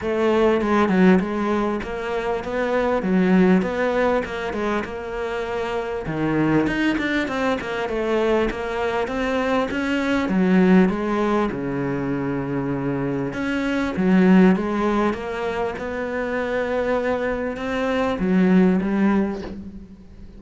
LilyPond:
\new Staff \with { instrumentName = "cello" } { \time 4/4 \tempo 4 = 99 a4 gis8 fis8 gis4 ais4 | b4 fis4 b4 ais8 gis8 | ais2 dis4 dis'8 d'8 | c'8 ais8 a4 ais4 c'4 |
cis'4 fis4 gis4 cis4~ | cis2 cis'4 fis4 | gis4 ais4 b2~ | b4 c'4 fis4 g4 | }